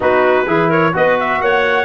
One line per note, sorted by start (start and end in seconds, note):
0.00 0.46 B3
0.00 0.46 D#4
0.00 0.46 F#4
0.00 0.71 B4
0.46 0.93 E3
0.46 0.92 E4
0.46 0.68 G#4
0.68 0.92 A#4
0.68 0.94 C#5
0.92 1.40 B3
0.92 1.84 F#4
0.92 1.41 B4
0.92 1.19 D#5
1.20 1.41 E5
1.40 1.84 A#3
1.40 1.84 C#5
1.40 1.84 F#5